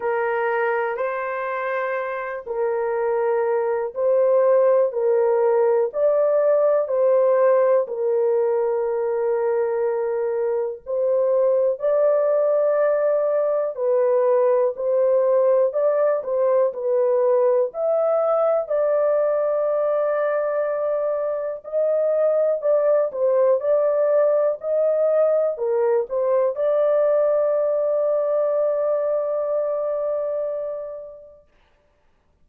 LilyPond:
\new Staff \with { instrumentName = "horn" } { \time 4/4 \tempo 4 = 61 ais'4 c''4. ais'4. | c''4 ais'4 d''4 c''4 | ais'2. c''4 | d''2 b'4 c''4 |
d''8 c''8 b'4 e''4 d''4~ | d''2 dis''4 d''8 c''8 | d''4 dis''4 ais'8 c''8 d''4~ | d''1 | }